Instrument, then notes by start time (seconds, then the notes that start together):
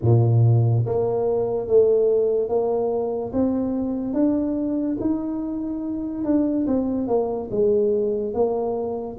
tuba
0.02 A#2
0.86 A#3
1.67 A3
2.48 A#3
3.33 C4
4.13 D4
5.00 D#4
6.24 D4
6.67 C4
7.07 A#3
7.50 G#3
8.33 A#3